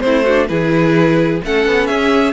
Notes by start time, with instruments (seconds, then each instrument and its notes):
0.00 cello A3, viola C4, violin E4 C5
0.23 viola D4, violin F#4
0.47 cello E3, viola E4, violin G#4 B4
1.43 cello A3, viola C#4, violin A4 F#5
1.66 cello B3
1.86 cello C#4, violin G#4 E5